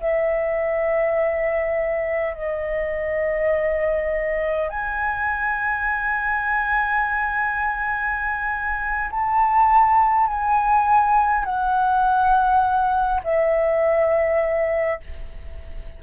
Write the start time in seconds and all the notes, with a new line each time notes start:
0.00 E5
2.34 D#5
4.69 G#5
9.11 A5
10.27 G#5
11.44 F#5
13.24 E5